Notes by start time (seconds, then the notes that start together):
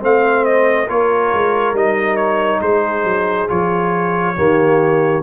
0.00 A3 C4 C5 F5
0.45 D#5
0.87 A#3 F4 A#4 C#5
1.33 G#3
1.73 G3 D#4 D#5
2.17 C#5
2.61 G#3 G#4 C5
3.04 F#3
3.49 F3 F4 C#5
4.36 D#3 A#3 G4